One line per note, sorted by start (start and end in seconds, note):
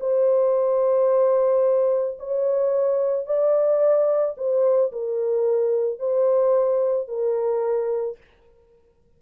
0.00 2.18 C5
2.19 3.26 C#5
3.26 4.35 D5
4.37 4.92 C5
4.92 6.00 A#4
6.00 7.08 C5
7.08 8.17 A#4